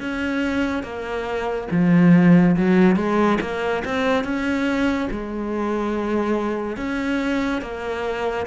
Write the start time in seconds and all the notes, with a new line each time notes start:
0.00 C#4
0.83 A#3
1.71 F3
2.57 F#3
2.96 G#3
3.41 A#3
3.85 C4
4.24 C#4
5.11 G#3
6.77 C#4
7.62 A#3